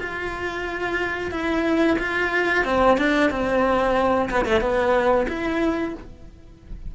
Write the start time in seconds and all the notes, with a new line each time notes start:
0.00 F4
1.31 E4
1.99 F4
2.65 C4
2.98 D4
3.31 C4
4.30 B3
4.46 A3
4.61 B3
5.29 E4